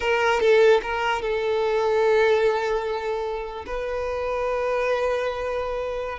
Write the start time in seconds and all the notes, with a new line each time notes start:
0.00 A#4
0.40 A4
0.82 A#4
1.22 A4
3.66 B4